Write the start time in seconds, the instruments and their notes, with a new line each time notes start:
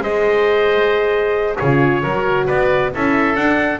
0.00 double bass G#3, horn G#4, oboe C5, trumpet D#5
1.57 double bass C#3, horn F4, oboe G#4, trumpet C#5
2.02 double bass F#3, horn F#4, oboe A#4
2.46 double bass B3, oboe B4, trumpet D5
2.93 double bass C#4, horn E4, oboe A4, trumpet E5
3.35 double bass D4, horn D4, trumpet F#5